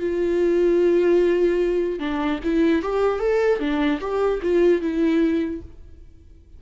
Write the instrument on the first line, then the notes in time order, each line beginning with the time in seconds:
viola
0.00 F4
1.99 D4
2.44 E4
2.82 G4
3.20 A4
3.60 D4
4.01 G4
4.42 F4
4.81 E4